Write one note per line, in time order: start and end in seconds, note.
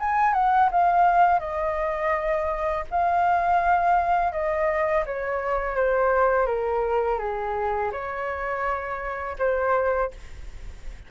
0.00 0.34 G#5
0.34 0.70 F#5
0.72 1.40 F5
1.40 2.84 D#5
2.91 4.32 F5
4.32 5.04 D#5
5.06 5.76 C#5
5.76 6.46 C5
6.46 7.19 A#4
7.19 7.91 G#4
7.92 9.36 C#5
9.38 10.11 C5